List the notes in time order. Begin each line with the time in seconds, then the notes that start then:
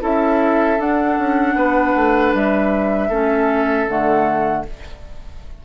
0.00 C#4 E4 A4 E5
0.78 D4 F#5
1.18 C#4
1.54 B3 B4
1.95 A3
2.33 G3 E5
3.08 A3 C#4 A4
3.87 D3 A3 F#5